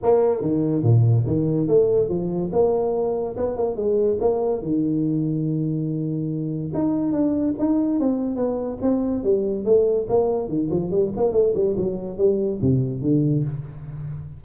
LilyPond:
\new Staff \with { instrumentName = "tuba" } { \time 4/4 \tempo 4 = 143 ais4 dis4 ais,4 dis4 | a4 f4 ais2 | b8 ais8 gis4 ais4 dis4~ | dis1 |
dis'4 d'4 dis'4 c'4 | b4 c'4 g4 a4 | ais4 dis8 f8 g8 ais8 a8 g8 | fis4 g4 c4 d4 | }